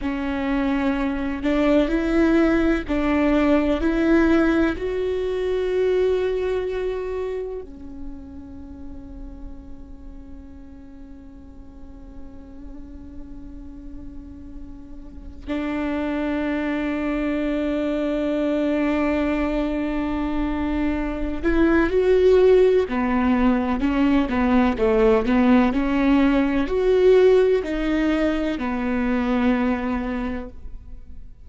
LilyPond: \new Staff \with { instrumentName = "viola" } { \time 4/4 \tempo 4 = 63 cis'4. d'8 e'4 d'4 | e'4 fis'2. | cis'1~ | cis'1~ |
cis'16 d'2.~ d'8.~ | d'2~ d'8 e'8 fis'4 | b4 cis'8 b8 a8 b8 cis'4 | fis'4 dis'4 b2 | }